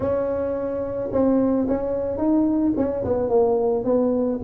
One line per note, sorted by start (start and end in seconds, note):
0.00 1.10 C#4
1.12 1.67 C4
1.68 2.17 C#4
2.17 2.72 D#4
2.76 3.04 C#4
3.04 3.29 B3
3.29 3.84 A#3
3.84 4.39 B3